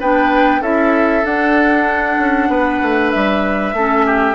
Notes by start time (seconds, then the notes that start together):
0.00 B3 D4 B4 G5
0.61 C#4 E4 A4 E5
1.24 D4 F#5
2.18 C#4
2.49 B3 B4
2.82 A3
3.11 G3 E5
3.73 A3 C#4 A4
4.06 G4